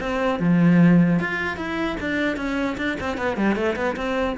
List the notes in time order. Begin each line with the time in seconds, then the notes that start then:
0.00 C4
0.39 F3
1.19 F4
1.56 E4
2.00 D4
2.36 C#4
2.77 D4
3.00 C4
3.17 B3
3.37 G3
3.55 A3
3.75 B3
3.96 C4